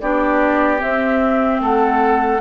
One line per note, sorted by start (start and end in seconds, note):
0.00 0.81 B3
0.00 0.78 D4
0.00 1.61 G4
0.00 0.80 D5
0.78 2.38 C4
0.78 1.60 C4
0.78 1.60 E5
1.60 2.40 A3
1.60 2.41 A4
1.60 2.41 F#5